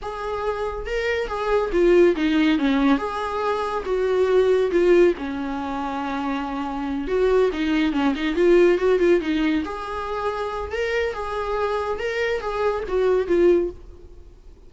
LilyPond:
\new Staff \with { instrumentName = "viola" } { \time 4/4 \tempo 4 = 140 gis'2 ais'4 gis'4 | f'4 dis'4 cis'4 gis'4~ | gis'4 fis'2 f'4 | cis'1~ |
cis'8 fis'4 dis'4 cis'8 dis'8 f'8~ | f'8 fis'8 f'8 dis'4 gis'4.~ | gis'4 ais'4 gis'2 | ais'4 gis'4 fis'4 f'4 | }